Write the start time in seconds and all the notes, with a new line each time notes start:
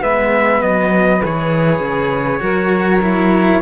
0.00 G#3 B3 B4 E5
0.62 F#3 D#5
1.24 E3 G#4 C#5
1.80 C#3
2.40 F#3 F#4 A#4
3.02 E4